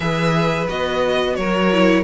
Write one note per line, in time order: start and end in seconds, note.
0.00 0.67 E3
0.00 0.68 G#4
0.00 1.36 B4
0.00 0.67 E5
0.68 1.37 B3
0.68 1.70 F#4
0.68 1.35 D#5
1.35 2.04 F#3
1.35 2.04 A#4
1.35 2.03 C#5
1.72 2.04 E4